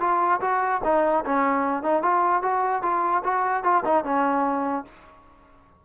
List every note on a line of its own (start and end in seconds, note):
0.00 0.40 F4
0.41 0.81 F#4
0.84 1.24 D#4
1.25 1.83 C#4
1.83 2.02 D#4
2.02 2.43 F4
2.43 2.83 F#4
2.83 3.23 F4
3.24 3.64 F#4
3.64 3.84 F4
3.85 4.05 D#4
4.05 4.85 C#4